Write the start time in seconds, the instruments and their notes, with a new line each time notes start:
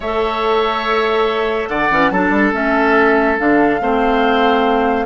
0.00 bassoon A3, clarinet A4, oboe C#5, flute E5
1.68 bassoon D3, oboe D5, flute F#5
1.91 bassoon E3, clarinet C#4
2.10 bassoon F#3, clarinet D4, oboe A4, flute A5
2.30 bassoon G3
2.52 bassoon A3, clarinet C#4, flute E5
3.38 bassoon D3, clarinet D4, flute F5
3.80 bassoon A3, clarinet C4, oboe C5